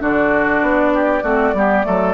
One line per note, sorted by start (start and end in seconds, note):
0.00 0.62 D3
0.00 1.22 D4
0.00 0.93 F#4
0.00 2.14 D5
0.62 1.23 B3
0.94 1.23 G4
1.23 1.54 A3
1.23 1.54 C4
1.23 1.54 F#4
1.54 1.84 G3
1.54 1.84 B3
1.54 1.86 G4
1.84 2.14 F#3
1.84 2.14 A3
1.84 2.14 A4